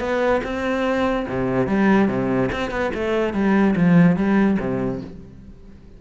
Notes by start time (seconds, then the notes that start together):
0.00 B3
0.43 C4
1.29 C3
1.67 G3
2.08 C3
2.52 C4
2.71 B3
2.94 A3
3.33 G3
3.76 F3
4.16 G3
4.59 C3